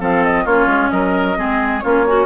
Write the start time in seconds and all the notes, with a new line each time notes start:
0.00 F3 C4 A4 F5
0.24 D#5
0.44 A#3 C#4 F4 C#5
0.66 G#3
0.91 F#3 A#4 D#5
1.36 G#3 C4 G#4
1.80 A#3 C#4 F4 C#5
2.06 C#4 F#4